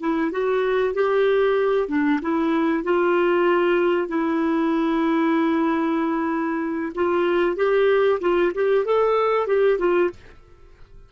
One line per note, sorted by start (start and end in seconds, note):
0.00 0.31 E4
0.31 0.94 F#4
0.94 1.88 G4
1.88 2.20 D4
2.21 2.84 E4
2.84 4.08 F4
4.08 6.92 E4
6.95 7.56 F4
7.56 8.19 G4
8.20 8.52 F4
8.54 8.85 G4
8.85 9.47 A4
9.47 9.78 G4
9.78 10.10 F4